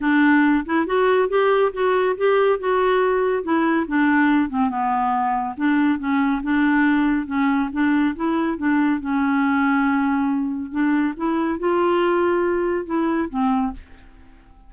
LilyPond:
\new Staff \with { instrumentName = "clarinet" } { \time 4/4 \tempo 4 = 140 d'4. e'8 fis'4 g'4 | fis'4 g'4 fis'2 | e'4 d'4. c'8 b4~ | b4 d'4 cis'4 d'4~ |
d'4 cis'4 d'4 e'4 | d'4 cis'2.~ | cis'4 d'4 e'4 f'4~ | f'2 e'4 c'4 | }